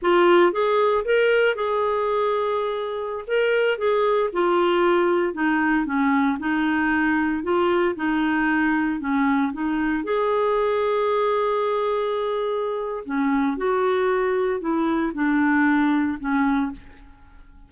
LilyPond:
\new Staff \with { instrumentName = "clarinet" } { \time 4/4 \tempo 4 = 115 f'4 gis'4 ais'4 gis'4~ | gis'2~ gis'16 ais'4 gis'8.~ | gis'16 f'2 dis'4 cis'8.~ | cis'16 dis'2 f'4 dis'8.~ |
dis'4~ dis'16 cis'4 dis'4 gis'8.~ | gis'1~ | gis'4 cis'4 fis'2 | e'4 d'2 cis'4 | }